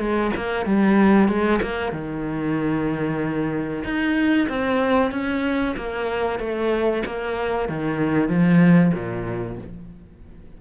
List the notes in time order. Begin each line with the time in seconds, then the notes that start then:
0.00 G#3
0.37 A#3
0.66 G3
1.29 G#3
1.63 A#3
1.93 D#3
3.84 D#4
4.49 C4
5.12 C#4
5.77 A#3
6.40 A3
7.06 A#3
7.69 D#3
8.29 F3
8.94 A#2